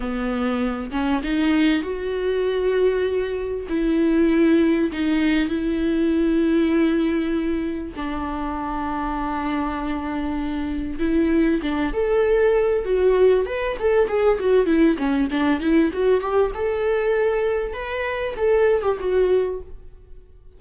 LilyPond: \new Staff \with { instrumentName = "viola" } { \time 4/4 \tempo 4 = 98 b4. cis'8 dis'4 fis'4~ | fis'2 e'2 | dis'4 e'2.~ | e'4 d'2.~ |
d'2 e'4 d'8 a'8~ | a'4 fis'4 b'8 a'8 gis'8 fis'8 | e'8 cis'8 d'8 e'8 fis'8 g'8 a'4~ | a'4 b'4 a'8. g'16 fis'4 | }